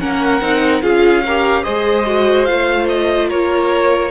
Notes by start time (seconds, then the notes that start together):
0.00 A#3 C#4 A#4 F#5
0.41 C4 D#4
0.82 C#4 F4 G#4 F5
1.26 G4 A#4
1.64 G#3 G#4 C5 D#5
2.07 F#4
2.45 A3 F4 F5
2.89 D#5
3.29 A#3 A#4 C#5